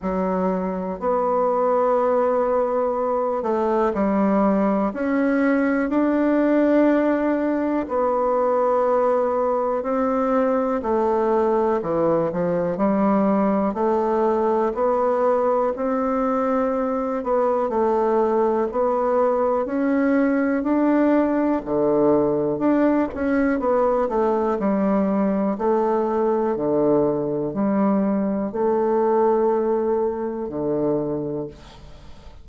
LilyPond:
\new Staff \with { instrumentName = "bassoon" } { \time 4/4 \tempo 4 = 61 fis4 b2~ b8 a8 | g4 cis'4 d'2 | b2 c'4 a4 | e8 f8 g4 a4 b4 |
c'4. b8 a4 b4 | cis'4 d'4 d4 d'8 cis'8 | b8 a8 g4 a4 d4 | g4 a2 d4 | }